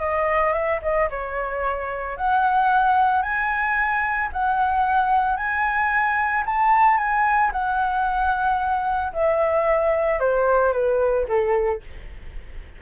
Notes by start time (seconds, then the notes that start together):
0.00 D#5
0.53 E5
0.82 D#5
1.10 C#5
2.17 F#5
3.22 G#5
4.33 F#5
5.37 G#5
6.46 A5
6.97 G#5
7.52 F#5
9.13 E5
10.20 C5
10.73 B4
11.28 A4